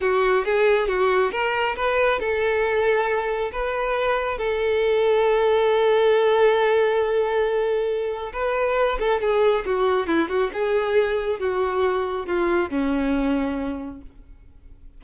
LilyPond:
\new Staff \with { instrumentName = "violin" } { \time 4/4 \tempo 4 = 137 fis'4 gis'4 fis'4 ais'4 | b'4 a'2. | b'2 a'2~ | a'1~ |
a'2. b'4~ | b'8 a'8 gis'4 fis'4 e'8 fis'8 | gis'2 fis'2 | f'4 cis'2. | }